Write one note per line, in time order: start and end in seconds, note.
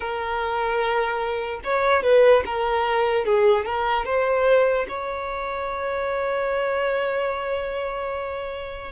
0.00 1.60 A#4
1.64 2.02 C#5
2.02 2.43 B4
2.45 3.25 A#4
3.25 3.65 G#4
3.65 4.05 A#4
4.05 4.86 C5
4.88 8.91 C#5